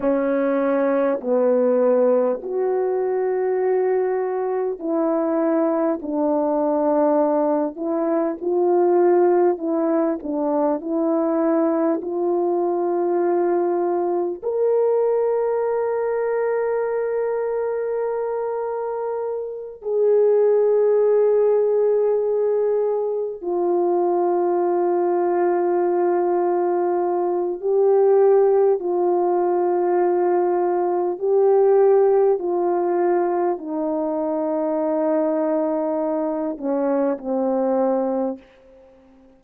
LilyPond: \new Staff \with { instrumentName = "horn" } { \time 4/4 \tempo 4 = 50 cis'4 b4 fis'2 | e'4 d'4. e'8 f'4 | e'8 d'8 e'4 f'2 | ais'1~ |
ais'8 gis'2. f'8~ | f'2. g'4 | f'2 g'4 f'4 | dis'2~ dis'8 cis'8 c'4 | }